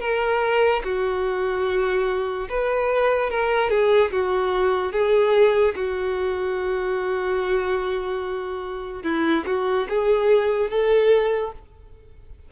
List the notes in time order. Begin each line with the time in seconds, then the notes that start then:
0.00 A#4
0.84 F#4
2.49 B4
3.30 A#4
3.70 G#4
4.11 F#4
4.92 G#4
5.75 F#4
9.03 E4
9.46 F#4
9.89 G#4
10.70 A4